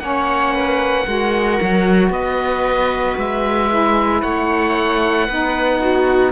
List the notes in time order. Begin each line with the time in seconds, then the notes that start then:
0.00 A#3 C#4 C#5 F#5
0.54 B4
1.07 G#3 F#4 A#4
1.62 F#3
2.10 B3 B4 D#5
3.18 G#3 E5
3.70 E4
4.22 A3 C#5 F#5
5.26 B3 D#4 B4
5.81 F#4